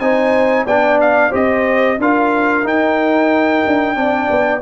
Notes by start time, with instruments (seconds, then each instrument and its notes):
0.00 tuba C4, trombone D#4, horn C5, trumpet G#5
0.65 tuba B3, trombone D4, horn D5, trumpet G5
1.01 trumpet F5
1.30 tuba C4, trombone G4, horn C5, trumpet D#5
1.99 tuba D4, trombone F4, horn A#4, trumpet F5
2.64 trombone D#4, tuba D#4, trumpet G5
3.67 tuba D4
3.95 tuba C4, trombone D4, horn D5
4.30 tuba B3